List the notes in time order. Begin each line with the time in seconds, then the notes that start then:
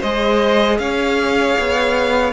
0.00 G#3 G#4 C5 D#5
0.79 C#4 C#5 F5
1.59 B3